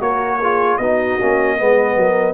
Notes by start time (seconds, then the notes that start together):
0.00 A#3 F#4 A#4 C#5
0.39 F4 G#4
0.77 B3 D#4 F#4 D#5
1.19 A#3 C#4
1.58 G#3 B3 B4
1.96 F#3 A#4